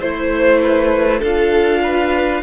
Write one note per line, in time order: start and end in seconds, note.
0.00 1.21 A3
0.00 1.22 E4
0.00 0.60 C5
0.00 1.22 C5
0.63 1.20 B4
1.20 2.43 D4
1.20 2.43 F4
1.20 1.79 A4
1.20 2.43 F5
1.82 2.43 B4